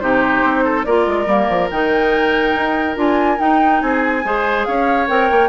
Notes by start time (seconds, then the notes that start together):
0.00 C3 D#4 G4 C5
0.43 C4
0.64 A4
0.84 A#3 F4 A#4 D5
1.07 G#3
1.26 G3 A#3
1.49 F3
1.71 D#3 D#4 G5
2.55 D#4
2.95 D4 F4 G#5
3.38 D#4 G5
3.81 C4 G#4 G#5
4.24 G#3 G#4 C5
4.65 C#4 C#5 F5
5.07 C4 A#4 G5
5.31 A#3